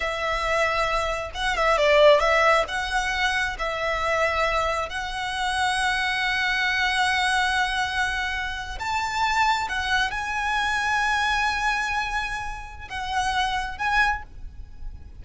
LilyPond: \new Staff \with { instrumentName = "violin" } { \time 4/4 \tempo 4 = 135 e''2. fis''8 e''8 | d''4 e''4 fis''2 | e''2. fis''4~ | fis''1~ |
fis''2.~ fis''8. a''16~ | a''4.~ a''16 fis''4 gis''4~ gis''16~ | gis''1~ | gis''4 fis''2 gis''4 | }